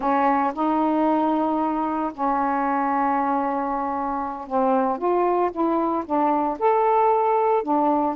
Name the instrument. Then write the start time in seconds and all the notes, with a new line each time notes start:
saxophone
0.00 C#4
0.54 D#4
2.13 C#4
4.47 C4
4.98 F4
5.51 E4
6.05 D4
6.59 A4
7.63 D4